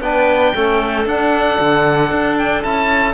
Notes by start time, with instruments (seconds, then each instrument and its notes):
0.00 cello B3, trombone D4, clarinet B4, oboe G5
0.54 cello A3, trombone C#4, clarinet A4
1.06 cello D4, trombone D4, oboe F#5
1.60 cello D3
2.11 cello D4
2.38 oboe G5
2.63 cello C#4, trombone E4, oboe A5